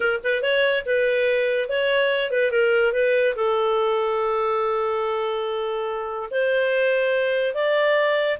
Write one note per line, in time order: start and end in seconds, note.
0.00 0.19 A#4
0.23 0.42 B4
0.42 0.84 C#5
0.85 1.68 B4
1.68 2.31 C#5
2.31 2.51 B4
2.51 2.93 A#4
2.93 3.35 B4
3.35 6.29 A4
6.30 7.54 C5
7.54 8.38 D5